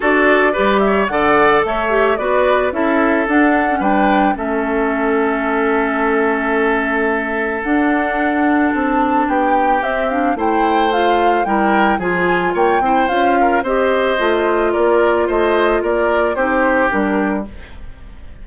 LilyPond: <<
  \new Staff \with { instrumentName = "flute" } { \time 4/4 \tempo 4 = 110 d''4. e''8 fis''4 e''4 | d''4 e''4 fis''4 g''4 | e''1~ | e''2 fis''2 |
a''4 g''4 e''8 f''8 g''4 | f''4 g''4 gis''4 g''4 | f''4 dis''2 d''4 | dis''4 d''4 c''4 ais'4 | }
  \new Staff \with { instrumentName = "oboe" } { \time 4/4 a'4 b'8 cis''8 d''4 cis''4 | b'4 a'2 b'4 | a'1~ | a'1~ |
a'4 g'2 c''4~ | c''4 ais'4 gis'4 cis''8 c''8~ | c''8 ais'8 c''2 ais'4 | c''4 ais'4 g'2 | }
  \new Staff \with { instrumentName = "clarinet" } { \time 4/4 fis'4 g'4 a'4. g'8 | fis'4 e'4 d'8. cis'16 d'4 | cis'1~ | cis'2 d'2~ |
d'2 c'8 d'8 e'4 | f'4 e'4 f'4. e'8 | f'4 g'4 f'2~ | f'2 dis'4 d'4 | }
  \new Staff \with { instrumentName = "bassoon" } { \time 4/4 d'4 g4 d4 a4 | b4 cis'4 d'4 g4 | a1~ | a2 d'2 |
c'4 b4 c'4 a4~ | a4 g4 f4 ais8 c'8 | cis'4 c'4 a4 ais4 | a4 ais4 c'4 g4 | }
>>